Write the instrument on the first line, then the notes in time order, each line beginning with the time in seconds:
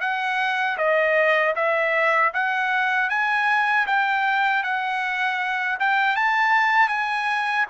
trumpet
0.00 F#5
0.77 D#5
1.55 E5
2.33 F#5
3.09 G#5
3.86 G5
4.63 F#5
5.79 G5
6.16 A5
6.88 G#5